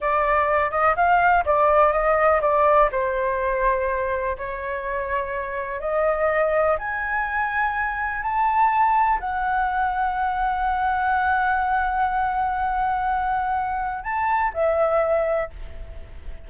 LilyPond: \new Staff \with { instrumentName = "flute" } { \time 4/4 \tempo 4 = 124 d''4. dis''8 f''4 d''4 | dis''4 d''4 c''2~ | c''4 cis''2. | dis''2 gis''2~ |
gis''4 a''2 fis''4~ | fis''1~ | fis''1~ | fis''4 a''4 e''2 | }